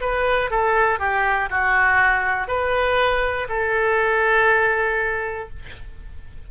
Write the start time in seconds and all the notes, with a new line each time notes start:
0.00 B4
0.50 A4
0.99 G4
1.50 F#4
2.47 B4
3.48 A4